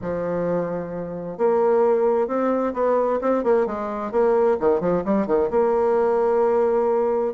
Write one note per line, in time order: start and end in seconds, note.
0.01 1.37 F3
1.37 2.27 A#3
2.27 2.73 C4
2.73 3.19 B3
3.21 3.43 C4
3.43 3.66 A#3
3.66 4.11 G#3
4.11 4.57 A#3
4.60 4.80 D#3
4.80 5.03 F3
5.04 5.26 G3
5.26 5.49 D#3
5.50 7.33 A#3